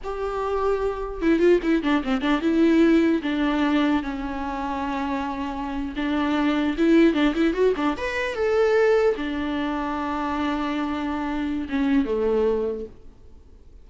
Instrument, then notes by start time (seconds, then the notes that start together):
viola
0.03 G4
1.21 E4
1.39 F4
1.62 E4
1.82 D4
2.03 C4
2.21 D4
2.41 E4
3.22 D4
4.02 C#4
5.96 D4
6.77 E4
7.14 D4
7.34 E4
7.53 F#4
7.76 D4
7.97 B4
8.34 A4
9.16 D4
11.69 C#4
12.05 A3